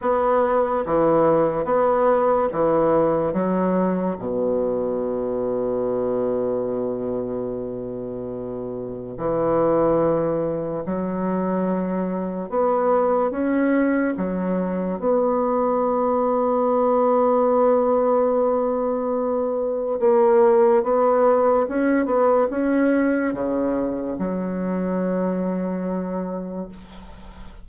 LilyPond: \new Staff \with { instrumentName = "bassoon" } { \time 4/4 \tempo 4 = 72 b4 e4 b4 e4 | fis4 b,2.~ | b,2. e4~ | e4 fis2 b4 |
cis'4 fis4 b2~ | b1 | ais4 b4 cis'8 b8 cis'4 | cis4 fis2. | }